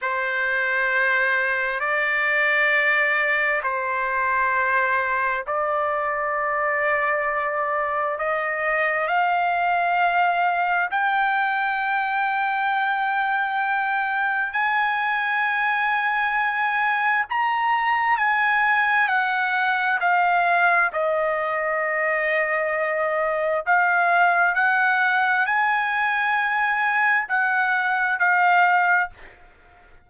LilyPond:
\new Staff \with { instrumentName = "trumpet" } { \time 4/4 \tempo 4 = 66 c''2 d''2 | c''2 d''2~ | d''4 dis''4 f''2 | g''1 |
gis''2. ais''4 | gis''4 fis''4 f''4 dis''4~ | dis''2 f''4 fis''4 | gis''2 fis''4 f''4 | }